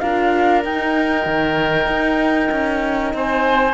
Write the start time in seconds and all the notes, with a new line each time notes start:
0.00 D4 F4 A#4 F5
0.65 D#4 G5
1.26 D#3
1.87 D#4
2.51 C#4
3.14 C4 C5 G#5